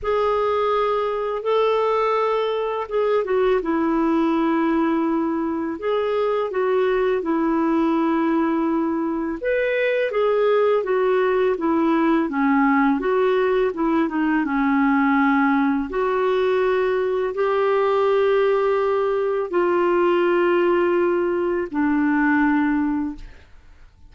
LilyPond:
\new Staff \with { instrumentName = "clarinet" } { \time 4/4 \tempo 4 = 83 gis'2 a'2 | gis'8 fis'8 e'2. | gis'4 fis'4 e'2~ | e'4 b'4 gis'4 fis'4 |
e'4 cis'4 fis'4 e'8 dis'8 | cis'2 fis'2 | g'2. f'4~ | f'2 d'2 | }